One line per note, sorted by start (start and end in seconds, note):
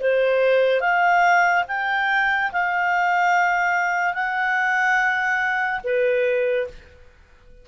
0.00 0.80 C5
0.80 1.64 F5
1.68 2.51 G5
2.52 4.14 F5
4.14 5.80 F#5
5.84 6.67 B4